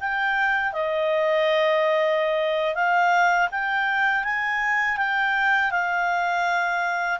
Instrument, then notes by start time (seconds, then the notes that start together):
clarinet
0.00 G5
0.73 D#5
2.74 F5
3.51 G5
4.24 G#5
4.97 G5
5.71 F5